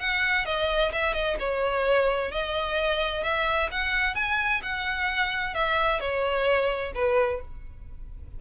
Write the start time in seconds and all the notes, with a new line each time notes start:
0.00 F#5
0.46 D#5
0.93 E5
1.14 D#5
1.40 C#5
2.31 D#5
3.23 E5
3.72 F#5
4.15 G#5
4.63 F#5
5.54 E5
6.00 C#5
6.95 B4